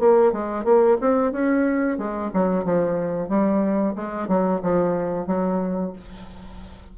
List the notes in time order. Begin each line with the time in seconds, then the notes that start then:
0.00 A#3
0.33 G#3
0.65 A#3
1.01 C4
1.32 C#4
1.98 G#3
2.34 F#3
2.65 F3
3.29 G3
3.96 G#3
4.28 F#3
4.63 F3
5.27 F#3